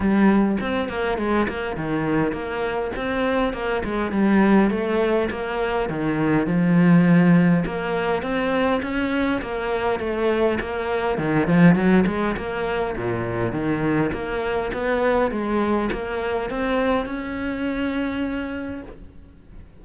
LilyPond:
\new Staff \with { instrumentName = "cello" } { \time 4/4 \tempo 4 = 102 g4 c'8 ais8 gis8 ais8 dis4 | ais4 c'4 ais8 gis8 g4 | a4 ais4 dis4 f4~ | f4 ais4 c'4 cis'4 |
ais4 a4 ais4 dis8 f8 | fis8 gis8 ais4 ais,4 dis4 | ais4 b4 gis4 ais4 | c'4 cis'2. | }